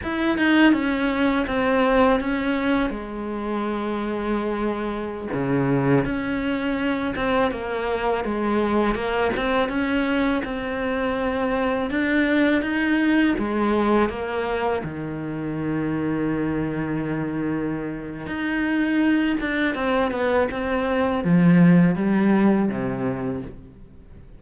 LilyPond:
\new Staff \with { instrumentName = "cello" } { \time 4/4 \tempo 4 = 82 e'8 dis'8 cis'4 c'4 cis'4 | gis2.~ gis16 cis8.~ | cis16 cis'4. c'8 ais4 gis8.~ | gis16 ais8 c'8 cis'4 c'4.~ c'16~ |
c'16 d'4 dis'4 gis4 ais8.~ | ais16 dis2.~ dis8.~ | dis4 dis'4. d'8 c'8 b8 | c'4 f4 g4 c4 | }